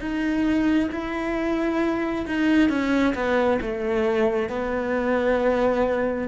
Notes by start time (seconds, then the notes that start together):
0.00 D#4
0.91 E4
2.27 D#4
2.69 C#4
3.15 B3
3.61 A3
4.49 B3